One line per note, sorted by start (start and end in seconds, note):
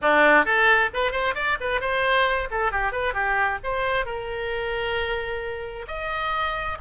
0.01 0.45 D4
0.45 0.90 A4
0.93 1.11 B4
1.11 1.34 C5
1.35 1.57 D5
1.60 1.80 B4
1.80 2.48 C5
2.50 2.71 A4
2.71 2.92 G4
2.92 3.13 B4
3.13 3.58 G4
3.63 4.05 C5
4.05 5.86 A#4
5.87 6.77 D#5